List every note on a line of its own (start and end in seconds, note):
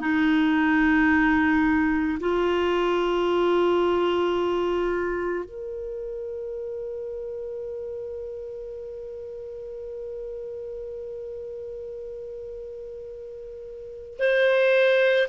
0.00 2.18 D#4
2.20 5.45 F4
5.45 14.18 A#4
14.19 15.28 C5